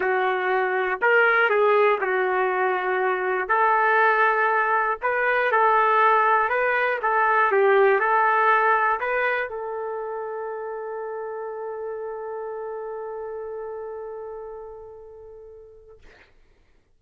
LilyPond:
\new Staff \with { instrumentName = "trumpet" } { \time 4/4 \tempo 4 = 120 fis'2 ais'4 gis'4 | fis'2. a'4~ | a'2 b'4 a'4~ | a'4 b'4 a'4 g'4 |
a'2 b'4 a'4~ | a'1~ | a'1~ | a'1 | }